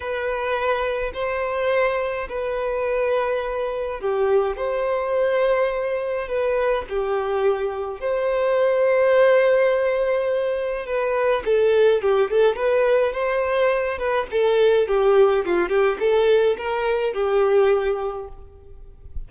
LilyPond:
\new Staff \with { instrumentName = "violin" } { \time 4/4 \tempo 4 = 105 b'2 c''2 | b'2. g'4 | c''2. b'4 | g'2 c''2~ |
c''2. b'4 | a'4 g'8 a'8 b'4 c''4~ | c''8 b'8 a'4 g'4 f'8 g'8 | a'4 ais'4 g'2 | }